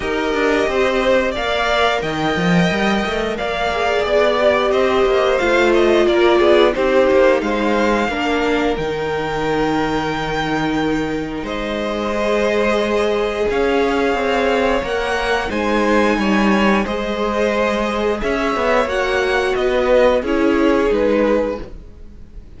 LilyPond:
<<
  \new Staff \with { instrumentName = "violin" } { \time 4/4 \tempo 4 = 89 dis''2 f''4 g''4~ | g''4 f''4 d''4 dis''4 | f''8 dis''8 d''4 c''4 f''4~ | f''4 g''2.~ |
g''4 dis''2. | f''2 fis''4 gis''4~ | gis''4 dis''2 e''4 | fis''4 dis''4 cis''4 b'4 | }
  \new Staff \with { instrumentName = "violin" } { \time 4/4 ais'4 c''4 d''4 dis''4~ | dis''4 d''2 c''4~ | c''4 ais'8 gis'8 g'4 c''4 | ais'1~ |
ais'4 c''2. | cis''2. c''4 | cis''4 c''2 cis''4~ | cis''4 b'4 gis'2 | }
  \new Staff \with { instrumentName = "viola" } { \time 4/4 g'2 ais'2~ | ais'4. gis'4 g'4. | f'2 dis'2 | d'4 dis'2.~ |
dis'2 gis'2~ | gis'2 ais'4 dis'4~ | dis'4 gis'2. | fis'2 e'4 dis'4 | }
  \new Staff \with { instrumentName = "cello" } { \time 4/4 dis'8 d'8 c'4 ais4 dis8 f8 | g8 a8 ais4 b4 c'8 ais8 | a4 ais8 b8 c'8 ais8 gis4 | ais4 dis2.~ |
dis4 gis2. | cis'4 c'4 ais4 gis4 | g4 gis2 cis'8 b8 | ais4 b4 cis'4 gis4 | }
>>